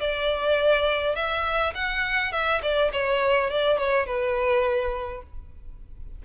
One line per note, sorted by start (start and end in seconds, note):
0.00 1.15 D5
1.15 1.73 E5
1.74 2.32 F#5
2.32 2.61 E5
2.62 2.91 D5
2.92 3.50 C#5
3.50 3.78 D5
3.78 4.06 C#5
4.06 5.22 B4